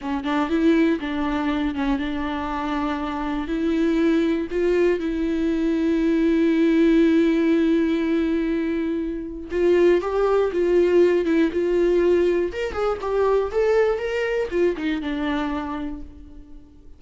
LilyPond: \new Staff \with { instrumentName = "viola" } { \time 4/4 \tempo 4 = 120 cis'8 d'8 e'4 d'4. cis'8 | d'2. e'4~ | e'4 f'4 e'2~ | e'1~ |
e'2. f'4 | g'4 f'4. e'8 f'4~ | f'4 ais'8 gis'8 g'4 a'4 | ais'4 f'8 dis'8 d'2 | }